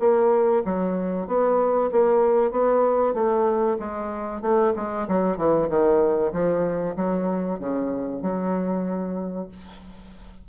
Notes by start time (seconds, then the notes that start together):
0.00 A#3
0.65 F#3
1.27 B3
1.92 A#3
2.51 B3
3.15 A3
3.80 G#3
4.42 A3
4.76 G#3
5.08 F#3
5.38 E3
5.70 D#3
6.33 F3
6.97 F#3
7.60 C#3
8.22 F#3